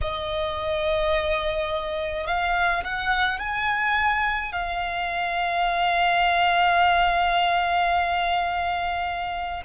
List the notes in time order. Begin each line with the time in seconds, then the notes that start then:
0.01 D#5
2.26 F5
2.84 F#5
3.39 G#5
4.52 F5